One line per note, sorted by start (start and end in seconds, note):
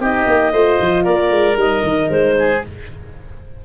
0.00 0.26 C4
0.00 0.54 D#4
0.00 0.53 G4
0.00 1.05 D#5
0.27 0.53 A#3
0.53 0.79 A3
0.53 1.56 F4
0.53 1.04 C5
0.81 1.07 F3
1.04 1.31 A#3
1.04 2.35 A#4
1.04 1.57 D5
1.31 1.57 G#3
1.56 1.83 G3
1.56 2.60 D#4
1.56 2.10 D#5
1.84 2.09 D#3
2.09 2.62 G#3
2.09 2.62 C5
2.39 2.65 G#4